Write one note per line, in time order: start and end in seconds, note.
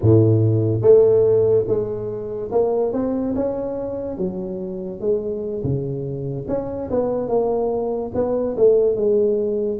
0.02 0.81 A2
0.81 1.64 A3
1.67 2.50 G#3
2.51 2.92 A#3
2.92 3.34 C4
3.35 4.17 C#4
4.17 5.00 F#3
5.00 5.62 G#3
5.63 6.47 C#3
6.48 6.89 C#4
6.90 7.28 B3
7.28 8.11 A#3
8.14 8.56 B3
8.56 8.95 A3
8.95 9.79 G#3